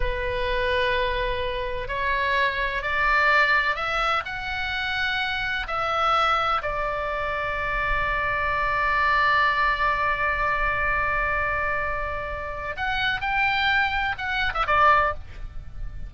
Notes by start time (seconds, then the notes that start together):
0.00 B4
1.88 C#5
2.82 D5
3.75 E5
4.25 F#5
5.67 E5
6.61 D5
12.76 F#5
13.20 G5
14.18 F#5
14.54 E5
14.66 D5